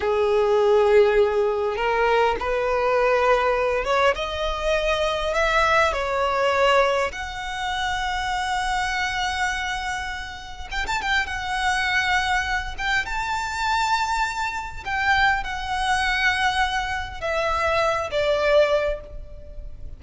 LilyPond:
\new Staff \with { instrumentName = "violin" } { \time 4/4 \tempo 4 = 101 gis'2. ais'4 | b'2~ b'8 cis''8 dis''4~ | dis''4 e''4 cis''2 | fis''1~ |
fis''2 g''16 a''16 g''8 fis''4~ | fis''4. g''8 a''2~ | a''4 g''4 fis''2~ | fis''4 e''4. d''4. | }